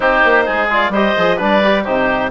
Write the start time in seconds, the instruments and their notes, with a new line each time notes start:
0.00 bassoon C4, trombone D#4, oboe G4, clarinet C5
0.24 bassoon A#3
0.45 bassoon G#3, oboe G#4
0.69 trombone F4, clarinet D5
0.89 bassoon G3, trombone G4, oboe C5, clarinet D#5
1.17 bassoon F3, trombone G#4
1.36 bassoon G3, trombone D4, oboe B4, clarinet D5
1.64 trombone G4
1.83 bassoon C3, trombone D#4, oboe G4, clarinet C5